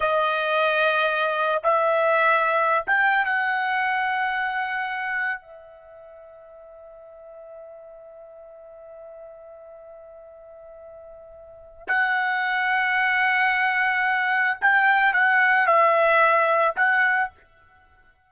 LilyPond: \new Staff \with { instrumentName = "trumpet" } { \time 4/4 \tempo 4 = 111 dis''2. e''4~ | e''4~ e''16 g''8. fis''2~ | fis''2 e''2~ | e''1~ |
e''1~ | e''2 fis''2~ | fis''2. g''4 | fis''4 e''2 fis''4 | }